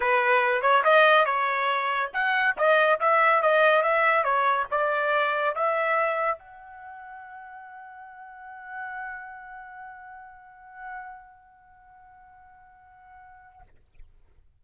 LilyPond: \new Staff \with { instrumentName = "trumpet" } { \time 4/4 \tempo 4 = 141 b'4. cis''8 dis''4 cis''4~ | cis''4 fis''4 dis''4 e''4 | dis''4 e''4 cis''4 d''4~ | d''4 e''2 fis''4~ |
fis''1~ | fis''1~ | fis''1~ | fis''1 | }